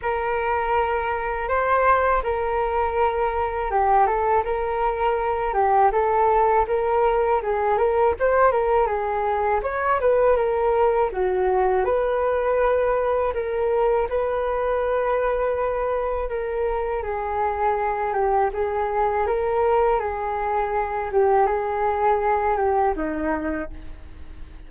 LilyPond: \new Staff \with { instrumentName = "flute" } { \time 4/4 \tempo 4 = 81 ais'2 c''4 ais'4~ | ais'4 g'8 a'8 ais'4. g'8 | a'4 ais'4 gis'8 ais'8 c''8 ais'8 | gis'4 cis''8 b'8 ais'4 fis'4 |
b'2 ais'4 b'4~ | b'2 ais'4 gis'4~ | gis'8 g'8 gis'4 ais'4 gis'4~ | gis'8 g'8 gis'4. g'8 dis'4 | }